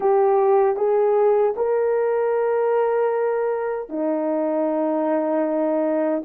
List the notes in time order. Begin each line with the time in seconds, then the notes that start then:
0.00 G4
0.76 G#4
1.56 A#4
3.89 D#4